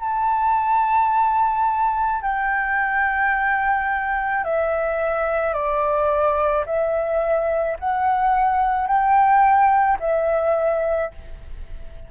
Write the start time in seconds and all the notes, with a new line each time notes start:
0.00 A5
2.22 G5
4.44 E5
5.54 D5
6.66 E5
7.79 F#5
8.87 G5
10.00 E5